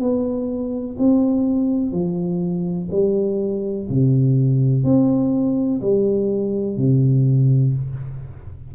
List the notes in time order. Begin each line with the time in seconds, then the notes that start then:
0.00 B3
0.99 C4
1.92 F3
2.92 G3
3.89 C3
4.84 C4
5.82 G3
6.77 C3